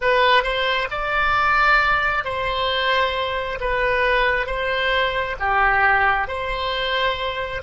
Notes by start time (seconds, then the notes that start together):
0.01 B4
0.43 C5
0.90 D5
2.24 C5
3.60 B4
4.46 C5
5.39 G4
6.27 C5